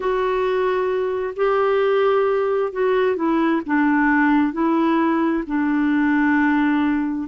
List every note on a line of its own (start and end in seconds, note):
0.00 1.33 F#4
1.36 2.72 G4
2.72 3.16 F#4
3.16 3.61 E4
3.66 4.52 D4
4.52 5.43 E4
5.47 7.28 D4